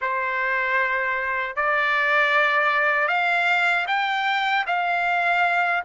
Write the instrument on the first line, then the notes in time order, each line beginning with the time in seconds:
trumpet
0.01 C5
1.55 D5
3.08 F5
3.87 G5
4.66 F5